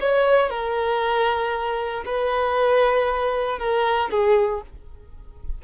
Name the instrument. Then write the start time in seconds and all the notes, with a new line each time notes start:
violin
0.00 C#5
0.50 A#4
2.05 B4
3.58 A#4
4.10 G#4